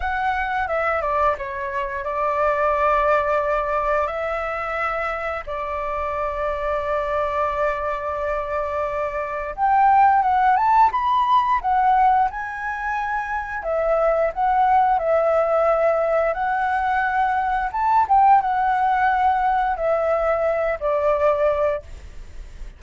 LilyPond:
\new Staff \with { instrumentName = "flute" } { \time 4/4 \tempo 4 = 88 fis''4 e''8 d''8 cis''4 d''4~ | d''2 e''2 | d''1~ | d''2 g''4 fis''8 a''8 |
b''4 fis''4 gis''2 | e''4 fis''4 e''2 | fis''2 a''8 g''8 fis''4~ | fis''4 e''4. d''4. | }